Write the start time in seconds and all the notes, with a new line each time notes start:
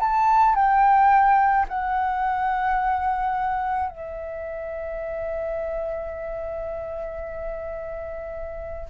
0.00 A5
0.56 G5
1.69 F#5
3.89 E5